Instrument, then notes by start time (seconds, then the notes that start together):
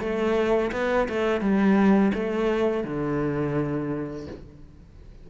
cello
0.00 A3
0.73 B3
1.09 A3
1.41 G3
2.14 A3
2.84 D3